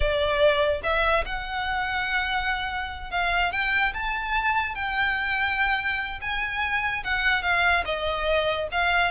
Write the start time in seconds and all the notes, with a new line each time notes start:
0.00 D5
0.83 E5
1.25 F#5
3.10 F5
3.52 G5
3.93 A5
4.75 G5
6.21 G#5
7.04 F#5
7.42 F5
7.85 D#5
8.71 F5